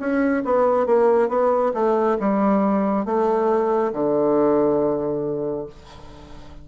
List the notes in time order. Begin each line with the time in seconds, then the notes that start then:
0.00 C#4
0.45 B3
0.87 A#3
1.29 B3
1.74 A3
2.20 G3
3.06 A3
3.93 D3